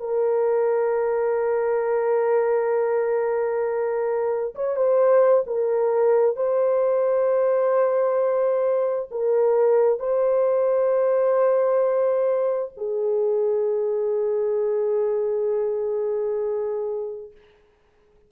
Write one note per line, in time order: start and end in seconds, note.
0.00 4.55 A#4
4.55 4.76 C#5
4.76 5.44 C5
5.47 6.36 A#4
6.36 9.09 C5
9.11 10.00 A#4
10.00 12.72 C5
12.77 17.31 G#4